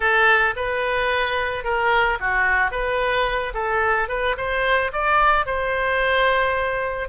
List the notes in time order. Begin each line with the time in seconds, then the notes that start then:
0.00 A4
0.56 B4
1.64 A#4
2.20 F#4
2.71 B4
3.54 A4
4.08 B4
4.37 C5
4.92 D5
5.46 C5